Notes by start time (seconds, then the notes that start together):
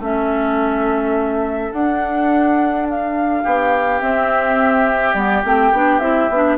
0.00 A3 C#4 A4 E5
1.73 D4 F#5
2.90 F5
3.43 B3 G4
4.01 C4 E5
5.14 G3 B3 D5
5.45 A3 C4 G5
5.73 B3 D4
6.00 C4 E4 E5
6.30 B3 D4